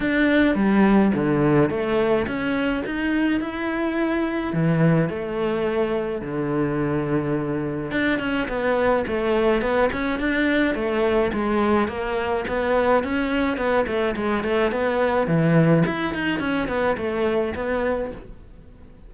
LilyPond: \new Staff \with { instrumentName = "cello" } { \time 4/4 \tempo 4 = 106 d'4 g4 d4 a4 | cis'4 dis'4 e'2 | e4 a2 d4~ | d2 d'8 cis'8 b4 |
a4 b8 cis'8 d'4 a4 | gis4 ais4 b4 cis'4 | b8 a8 gis8 a8 b4 e4 | e'8 dis'8 cis'8 b8 a4 b4 | }